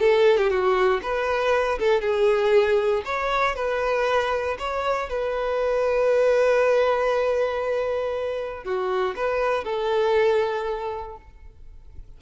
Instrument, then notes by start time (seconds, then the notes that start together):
violin
0.00 A4
0.38 G4
0.50 F#4
1.03 B4
1.79 A4
2.01 G#4
3.05 C#5
3.56 B4
4.59 C#5
5.09 B4
8.64 F#4
9.16 B4
9.64 A4